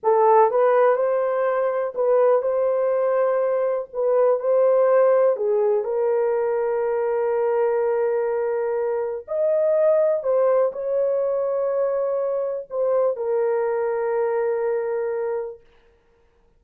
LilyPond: \new Staff \with { instrumentName = "horn" } { \time 4/4 \tempo 4 = 123 a'4 b'4 c''2 | b'4 c''2. | b'4 c''2 gis'4 | ais'1~ |
ais'2. dis''4~ | dis''4 c''4 cis''2~ | cis''2 c''4 ais'4~ | ais'1 | }